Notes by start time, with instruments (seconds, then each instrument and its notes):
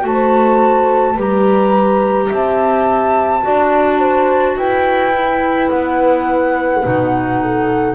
0.00 double bass A3, clarinet F#4, flute A5
0.07 horn C5
1.15 double bass G3, clarinet G4, horn B4, flute A#5
2.29 double bass C4, horn E5, flute A5
3.42 double bass D4, clarinet F#4, horn D5
3.99 horn C5
4.56 double bass E4, horn B4, flute G5
5.12 clarinet E4
5.69 double bass B3, flute F#5
6.82 double bass B2, clarinet D#4
7.41 horn A4